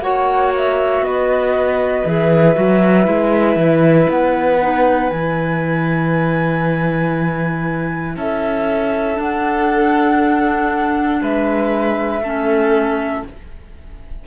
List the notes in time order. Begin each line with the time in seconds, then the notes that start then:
0.00 A#3 F#4 C#5 F#5
0.56 E5
1.01 B3 B4 D#5
2.06 E3 G#4 E5
2.55 F#3 F#4
3.05 G#3 E4
3.56 E3
4.09 B3 F#5
4.62 D#4
5.10 E3 E4 G#5
8.15 C#4 A4 E5
9.15 D4 F#5
11.21 G#3 B4 E5
12.21 A3 C#4 A4